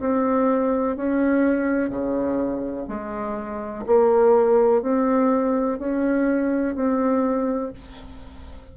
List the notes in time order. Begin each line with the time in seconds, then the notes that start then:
0.00 C4
0.96 C#4
1.89 C#3
2.88 G#3
3.86 A#3
4.82 C4
5.78 C#4
6.75 C4